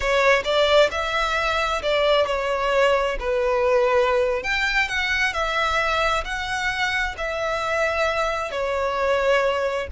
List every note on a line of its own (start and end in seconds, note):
0.00 0.42 C#5
0.44 0.89 D5
0.91 1.82 E5
1.82 2.26 D5
2.26 3.17 C#5
3.19 4.43 B4
4.43 4.88 G5
4.88 5.33 F#5
5.33 6.24 E5
6.24 7.15 F#5
7.17 8.51 E5
8.51 9.87 C#5